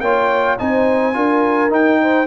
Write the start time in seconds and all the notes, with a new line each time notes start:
0.00 A#3 F4 C#5 G5
0.58 C4 D#4 C5 G#5
1.13 D4 F4 A#4
1.69 D#4 G5
2.01 C5